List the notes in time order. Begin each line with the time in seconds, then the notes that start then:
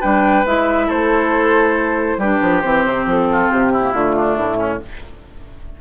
0.00 G3 D4 B4 G5
0.45 G#3 E4 E5
0.87 A3 A4 C5
2.17 G3 D4 G4 B4
2.41 F3
2.61 E3 C4 C5
2.86 C3
3.06 F3 A4
3.32 F4
3.51 C3 G4
3.72 E4
3.81 A#3
3.93 D3 A3 F4
4.16 D4
4.37 A2 E4
4.57 C#4